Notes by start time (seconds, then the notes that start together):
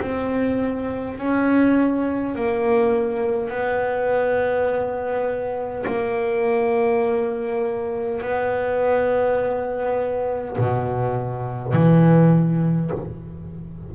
0.00 C4
1.18 C#4
2.35 A#3
3.49 B3
5.87 A#3
8.21 B3
10.58 B2
11.73 E3